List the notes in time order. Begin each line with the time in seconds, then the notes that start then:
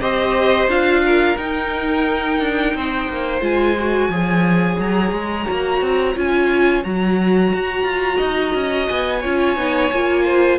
0.00 C4 G4 C5 D#5
0.67 D4 F4 F5
1.05 A#4
1.37 D#4 G5
2.39 D4
2.74 C4 C5
3.09 A#3
3.40 G#3 F4 G#5
3.79 F#4
4.08 F3 G#4 C#5
4.78 F#3 A#5
5.11 G#3
5.45 A#3 F#4
5.81 C4
6.15 C#4 F4 G#5
6.83 F#3 F#4 A#5
7.53 F#4
7.83 F4
8.16 D#4 D#5
8.54 C#4
8.88 B3 G#5
9.20 C#4 F4 C#5
9.57 B3 D#4
9.91 A#3 F4
10.25 C5